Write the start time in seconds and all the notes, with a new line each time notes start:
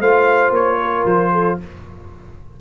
0.00 A3 F4 C5 F5
0.51 A#3 C#5
0.82 A#4
1.05 F3 C5
1.32 A4